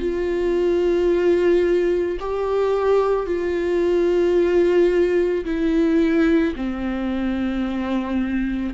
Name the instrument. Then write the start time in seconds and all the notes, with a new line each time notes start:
viola
0.00 F4
2.20 G4
3.26 F4
5.45 E4
6.56 C4